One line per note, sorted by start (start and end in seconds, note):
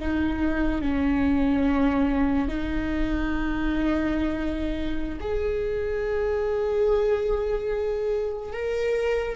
0.00 0.82 D#4
0.82 2.48 C#4
2.49 5.20 D#4
5.21 8.53 G#4
8.53 9.36 A#4